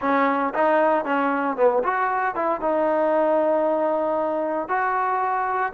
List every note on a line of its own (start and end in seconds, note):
0.01 0.53 C#4
0.54 1.04 D#4
1.04 1.56 C#4
1.56 1.82 B3
1.83 2.35 F#4
2.35 2.61 E4
2.61 4.68 D#4
4.68 5.72 F#4